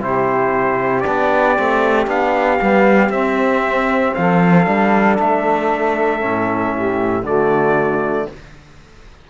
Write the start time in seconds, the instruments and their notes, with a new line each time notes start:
0.00 cello C3, trombone E4, saxophone G4, trumpet C5
1.00 trombone D4, trumpet D5
1.06 cello B3
1.56 cello A3, trombone C4
2.06 cello B3, trombone D4, trumpet F5
2.61 cello G3, trombone B3
3.09 cello C4, trombone C4, trumpet E5
4.14 cello F3, saxophone A4, trumpet F5
4.64 cello G3, trombone D4
5.19 cello A3, trumpet E5
6.19 cello A2, trombone C#4
6.75 saxophone G4
7.22 cello D3, trombone A3, saxophone F#4, trumpet D5